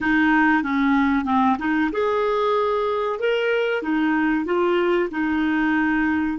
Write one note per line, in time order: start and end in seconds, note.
0.00 0.62 D#4
0.62 1.24 C#4
1.24 1.56 C4
1.58 1.90 D#4
1.91 3.19 G#4
3.19 3.82 A#4
3.82 4.45 D#4
4.45 5.09 F4
5.11 6.38 D#4